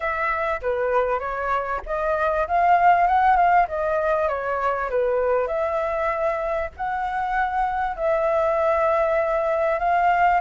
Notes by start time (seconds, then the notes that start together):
0.00 E5
0.61 B4
1.19 C#5
1.86 D#5
2.47 F5
3.07 F#5
3.36 F5
3.68 D#5
4.28 C#5
4.90 B4
5.47 E5
6.76 F#5
7.96 E5
9.79 F5